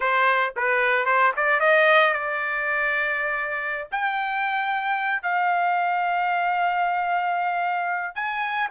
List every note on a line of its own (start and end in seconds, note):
0.00 0.54 C5
0.56 1.05 B4
1.05 1.32 C5
1.36 1.59 D5
1.59 2.13 D#5
2.13 3.87 D5
3.91 5.22 G5
5.22 8.15 F5
8.15 8.68 G#5